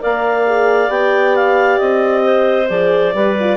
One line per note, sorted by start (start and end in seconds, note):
0.00 0.89 A#3
0.00 0.45 A#4
0.00 2.24 D5
0.00 0.91 F5
0.46 0.88 G#4
0.88 1.78 B3
0.88 2.67 G4
0.88 1.36 G5
1.36 1.79 F5
1.79 2.70 C4
1.79 2.68 D#5
2.24 3.13 C5
2.69 3.14 F3
2.69 3.13 G#4
2.69 3.57 D5
3.14 3.57 G3
3.14 3.36 G4
3.14 3.57 B4
3.40 3.57 F4